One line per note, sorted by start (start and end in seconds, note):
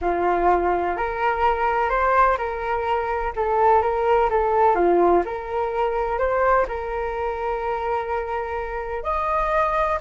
0.01 0.96 F4
0.97 1.89 A#4
1.89 2.37 C5
2.37 3.32 A#4
3.35 3.82 A4
3.82 4.29 A#4
4.30 4.75 A4
4.75 5.22 F4
5.25 6.18 A#4
6.18 6.66 C5
6.68 9.03 A#4
9.03 9.98 D#5